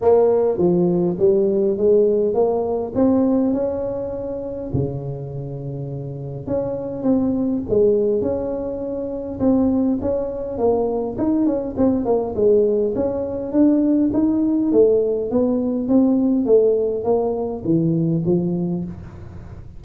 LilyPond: \new Staff \with { instrumentName = "tuba" } { \time 4/4 \tempo 4 = 102 ais4 f4 g4 gis4 | ais4 c'4 cis'2 | cis2. cis'4 | c'4 gis4 cis'2 |
c'4 cis'4 ais4 dis'8 cis'8 | c'8 ais8 gis4 cis'4 d'4 | dis'4 a4 b4 c'4 | a4 ais4 e4 f4 | }